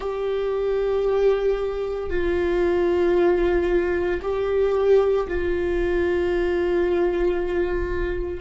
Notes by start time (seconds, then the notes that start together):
0.00 G4
2.10 F4
4.22 G4
5.27 F4